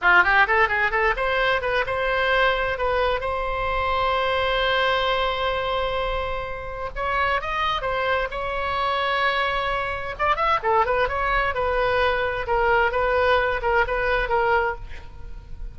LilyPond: \new Staff \with { instrumentName = "oboe" } { \time 4/4 \tempo 4 = 130 f'8 g'8 a'8 gis'8 a'8 c''4 b'8 | c''2 b'4 c''4~ | c''1~ | c''2. cis''4 |
dis''4 c''4 cis''2~ | cis''2 d''8 e''8 a'8 b'8 | cis''4 b'2 ais'4 | b'4. ais'8 b'4 ais'4 | }